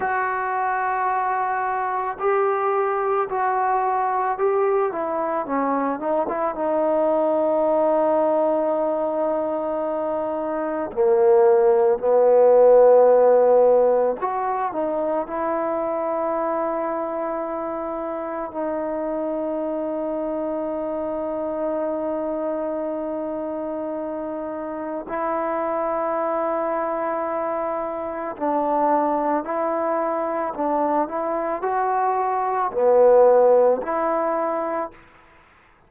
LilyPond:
\new Staff \with { instrumentName = "trombone" } { \time 4/4 \tempo 4 = 55 fis'2 g'4 fis'4 | g'8 e'8 cis'8 dis'16 e'16 dis'2~ | dis'2 ais4 b4~ | b4 fis'8 dis'8 e'2~ |
e'4 dis'2.~ | dis'2. e'4~ | e'2 d'4 e'4 | d'8 e'8 fis'4 b4 e'4 | }